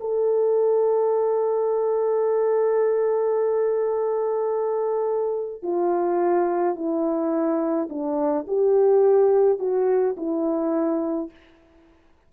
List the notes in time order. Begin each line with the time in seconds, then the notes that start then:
0.00 A4
5.62 F4
6.76 E4
7.89 D4
8.48 G4
9.59 F#4
10.17 E4